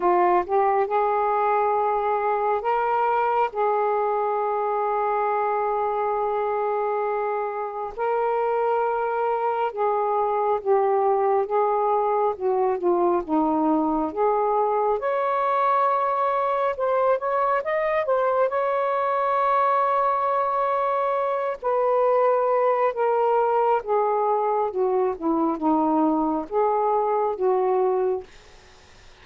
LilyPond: \new Staff \with { instrumentName = "saxophone" } { \time 4/4 \tempo 4 = 68 f'8 g'8 gis'2 ais'4 | gis'1~ | gis'4 ais'2 gis'4 | g'4 gis'4 fis'8 f'8 dis'4 |
gis'4 cis''2 c''8 cis''8 | dis''8 c''8 cis''2.~ | cis''8 b'4. ais'4 gis'4 | fis'8 e'8 dis'4 gis'4 fis'4 | }